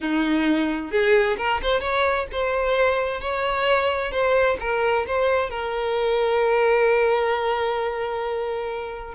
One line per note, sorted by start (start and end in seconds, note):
0.00 0.91 D#4
0.91 1.36 G#4
1.37 1.60 A#4
1.62 1.80 C5
1.80 2.26 C#5
2.32 3.20 C5
3.20 4.11 C#5
4.11 4.57 C5
4.60 5.05 A#4
5.06 5.50 C5
5.50 9.15 A#4